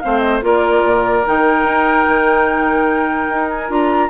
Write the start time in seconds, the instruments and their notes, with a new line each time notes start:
0.00 bassoon A3, clarinet C4, oboe C5, flute F5
0.19 flute D#5
0.42 bassoon A#3, clarinet F4, oboe A#4, flute D5
0.84 bassoon A#2
1.26 bassoon D#3, clarinet D#4, flute G5
1.64 bassoon D#4
2.08 bassoon D#3
3.29 bassoon D#4
3.50 flute G#5
3.68 bassoon D4, clarinet F4, flute A#5